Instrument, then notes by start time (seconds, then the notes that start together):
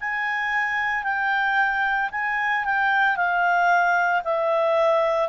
clarinet
0.00 G#5
1.03 G5
2.11 G#5
2.64 G5
3.16 F5
4.24 E5